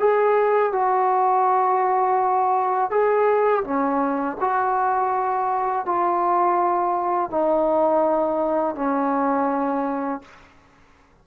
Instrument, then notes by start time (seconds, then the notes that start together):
trombone
0.00 G#4
0.73 F#4
2.91 G#4
3.65 C#4
4.41 F#4
5.86 F4
7.31 D#4
8.76 C#4